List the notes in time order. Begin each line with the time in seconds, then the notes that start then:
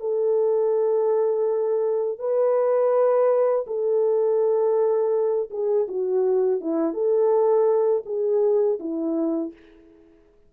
0.00 A4
2.19 B4
3.66 A4
5.50 G#4
5.88 F#4
6.61 E4
6.93 A4
8.05 G#4
8.79 E4